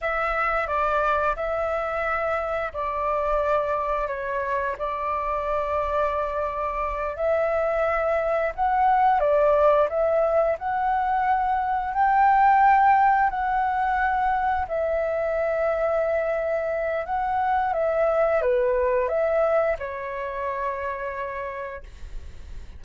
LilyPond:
\new Staff \with { instrumentName = "flute" } { \time 4/4 \tempo 4 = 88 e''4 d''4 e''2 | d''2 cis''4 d''4~ | d''2~ d''8 e''4.~ | e''8 fis''4 d''4 e''4 fis''8~ |
fis''4. g''2 fis''8~ | fis''4. e''2~ e''8~ | e''4 fis''4 e''4 b'4 | e''4 cis''2. | }